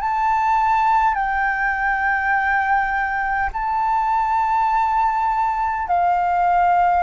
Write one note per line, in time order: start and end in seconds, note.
0.00 1.14 A5
1.14 3.50 G5
3.53 5.88 A5
5.88 7.03 F5